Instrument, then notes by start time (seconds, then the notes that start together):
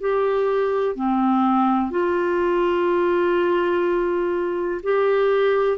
clarinet
0.00 G4
0.95 C4
1.90 F4
4.83 G4